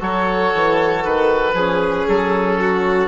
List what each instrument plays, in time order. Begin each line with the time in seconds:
0.00 bassoon F#3, trombone F#4, violin A4, oboe C#5
0.54 bassoon E3
1.05 bassoon D#3, oboe B4
1.53 bassoon F3, trombone C#4, violin G#4
2.08 bassoon F#3, oboe A4
2.60 violin F#4